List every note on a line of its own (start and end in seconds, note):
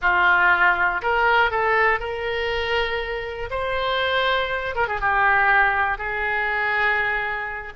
0.01 1.01 F4
1.02 1.50 A#4
1.50 1.99 A4
1.99 3.49 A#4
3.50 4.75 C5
4.75 4.87 A#4
4.88 5.00 G#4
5.00 5.97 G4
5.97 7.72 G#4